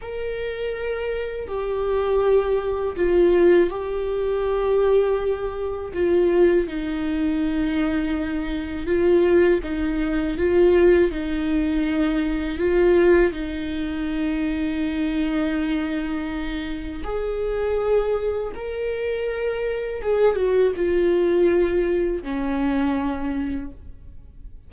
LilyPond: \new Staff \with { instrumentName = "viola" } { \time 4/4 \tempo 4 = 81 ais'2 g'2 | f'4 g'2. | f'4 dis'2. | f'4 dis'4 f'4 dis'4~ |
dis'4 f'4 dis'2~ | dis'2. gis'4~ | gis'4 ais'2 gis'8 fis'8 | f'2 cis'2 | }